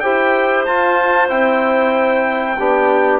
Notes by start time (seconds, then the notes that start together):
0.00 E4 G4 C5 G5
0.65 F4 A5
1.29 C4 E4 G5
2.58 B3 D4 G4